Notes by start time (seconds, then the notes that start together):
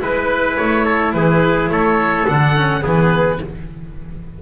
0.00 G#3 E4 B4
0.56 A3 C#5
0.85 A4
1.13 E3 G#4 B4
1.69 A3 A4 C#5
2.28 D3 D4 F#5
2.57 C#4
2.82 E3 B3 G#4 B4